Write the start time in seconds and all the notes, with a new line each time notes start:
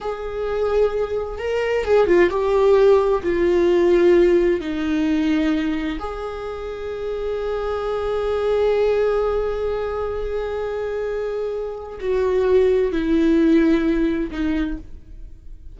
0.00 G#4
1.38 A#4
1.84 G#4
2.06 F4
2.30 G4
3.22 F4
4.60 D#4
5.99 G#4
12.00 F#4
12.92 E4
14.31 D#4